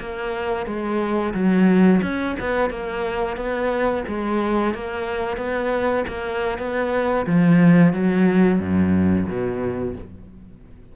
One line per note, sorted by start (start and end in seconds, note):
0.00 0.66 A#3
0.66 1.34 G#3
1.34 2.01 F#3
2.03 2.36 C#4
2.40 2.71 B3
2.71 3.37 A#3
3.37 4.04 B3
4.08 4.74 G#3
4.74 5.37 A#3
5.37 6.05 B3
6.08 6.59 A#3
6.59 7.26 B3
7.27 7.93 F3
7.93 8.60 F#3
8.60 9.28 F#2
9.28 9.95 B2